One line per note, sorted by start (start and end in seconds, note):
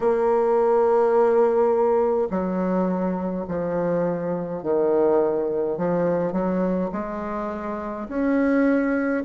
0.00 2.28 A#3
2.30 3.45 F#3
3.48 4.62 F3
4.62 5.77 D#3
5.77 6.32 F3
6.32 6.90 F#3
6.92 8.08 G#3
8.08 9.24 C#4